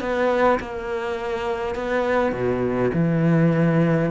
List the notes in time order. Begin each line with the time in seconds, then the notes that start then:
0.00 B3
0.59 A#3
1.75 B3
2.32 B2
2.93 E3